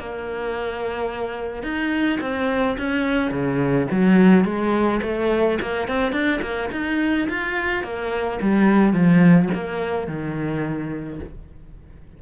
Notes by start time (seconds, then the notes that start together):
0.00 A#3
1.63 D#4
2.21 C4
2.79 C#4
3.31 C#3
3.92 F#3
4.45 G#3
5.03 A3
5.62 A#3
5.88 C4
6.13 D4
6.42 A#3
6.72 D#4
7.29 F4
7.84 A#3
8.42 G3
8.93 F3
9.55 A#3
10.08 D#3